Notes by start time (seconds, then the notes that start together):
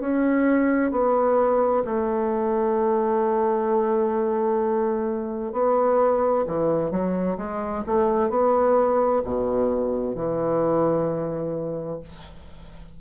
0.00 C#4
0.91 B3
1.85 A3
5.53 B3
6.47 E3
6.91 F#3
7.38 G#3
7.86 A3
8.30 B3
9.24 B2
10.15 E3